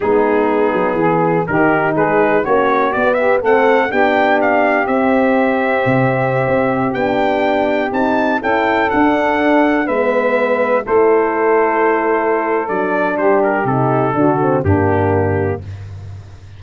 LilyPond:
<<
  \new Staff \with { instrumentName = "trumpet" } { \time 4/4 \tempo 4 = 123 gis'2. ais'4 | b'4 cis''4 d''8 e''8 fis''4 | g''4 f''4 e''2~ | e''2~ e''16 g''4.~ g''16~ |
g''16 a''4 g''4 fis''4.~ fis''16~ | fis''16 e''2 c''4.~ c''16~ | c''2 d''4 c''8 ais'8 | a'2 g'2 | }
  \new Staff \with { instrumentName = "saxophone" } { \time 4/4 dis'2 gis'4 g'4 | gis'4 fis'4. g'8 a'4 | g'1~ | g'1~ |
g'4~ g'16 a'2~ a'8.~ | a'16 b'2 a'4.~ a'16~ | a'2. g'4~ | g'4 fis'4 d'2 | }
  \new Staff \with { instrumentName = "horn" } { \time 4/4 b2. dis'4~ | dis'4 cis'4 b4 c'4 | d'2 c'2~ | c'2~ c'16 d'4.~ d'16~ |
d'16 dis'4 e'4 d'4.~ d'16~ | d'16 b2 e'4.~ e'16~ | e'2 d'2 | dis'4 d'8 c'8 ais2 | }
  \new Staff \with { instrumentName = "tuba" } { \time 4/4 gis4. fis8 e4 dis4 | gis4 ais4 b4 a4 | b2 c'2 | c4~ c16 c'4 b4.~ b16~ |
b16 c'4 cis'4 d'4.~ d'16~ | d'16 gis2 a4.~ a16~ | a2 fis4 g4 | c4 d4 g,2 | }
>>